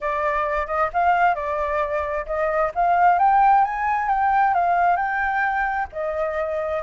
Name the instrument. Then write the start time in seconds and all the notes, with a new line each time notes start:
flute
0.00 D5
0.66 D#5
0.93 F5
1.34 D5
2.26 D#5
2.74 F5
3.18 G5
3.64 G#5
4.08 G5
4.53 F5
4.96 G5
5.92 D#5